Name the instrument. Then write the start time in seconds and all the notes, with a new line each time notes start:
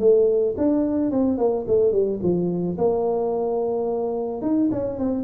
tuba
0.00 A3
0.58 D4
1.11 C4
1.38 A#3
1.67 A3
1.92 G3
2.23 F3
2.78 A#3
4.42 D#4
4.72 C#4
4.99 C4